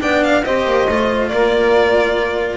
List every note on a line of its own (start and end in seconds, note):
0.00 0.45 B3
0.00 0.43 D4
0.00 0.43 D5
0.00 0.23 G5
0.24 0.44 F5
0.44 0.65 C4
0.44 0.88 G4
0.44 1.31 C5
0.44 1.28 D#5
0.65 0.87 A#3
0.89 1.32 A3
0.89 2.57 F4
1.28 2.57 A#3
1.28 2.57 A#4
1.28 2.57 D5